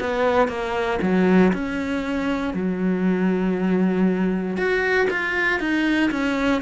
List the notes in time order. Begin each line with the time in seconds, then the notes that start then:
0.00 B3
0.48 A#3
1.02 F#3
1.53 C#4
2.54 F#3
4.57 F#4
5.10 F4
5.60 D#4
6.11 C#4